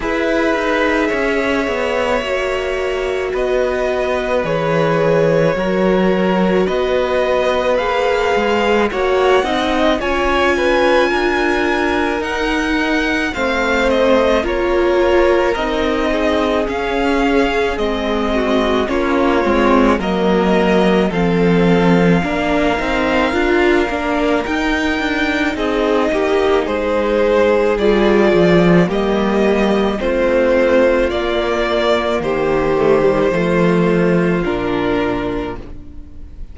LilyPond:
<<
  \new Staff \with { instrumentName = "violin" } { \time 4/4 \tempo 4 = 54 e''2. dis''4 | cis''2 dis''4 f''4 | fis''4 gis''2 fis''4 | f''8 dis''8 cis''4 dis''4 f''4 |
dis''4 cis''4 dis''4 f''4~ | f''2 g''4 dis''4 | c''4 d''4 dis''4 c''4 | d''4 c''2 ais'4 | }
  \new Staff \with { instrumentName = "violin" } { \time 4/4 b'4 cis''2 b'4~ | b'4 ais'4 b'2 | cis''8 dis''8 cis''8 b'8 ais'2 | c''4 ais'4. gis'4.~ |
gis'8 fis'8 f'4 ais'4 a'4 | ais'2. gis'8 g'8 | gis'2 g'4 f'4~ | f'4 g'4 f'2 | }
  \new Staff \with { instrumentName = "viola" } { \time 4/4 gis'2 fis'2 | gis'4 fis'2 gis'4 | fis'8 dis'8 f'2 dis'4 | c'4 f'4 dis'4 cis'4 |
c'4 cis'8 c'8 ais4 c'4 | d'8 dis'8 f'8 d'8 dis'2~ | dis'4 f'4 ais4 c'4 | ais4. a16 g16 a4 d'4 | }
  \new Staff \with { instrumentName = "cello" } { \time 4/4 e'8 dis'8 cis'8 b8 ais4 b4 | e4 fis4 b4 ais8 gis8 | ais8 c'8 cis'4 d'4 dis'4 | a4 ais4 c'4 cis'4 |
gis4 ais8 gis8 fis4 f4 | ais8 c'8 d'8 ais8 dis'8 d'8 c'8 ais8 | gis4 g8 f8 g4 a4 | ais4 dis4 f4 ais,4 | }
>>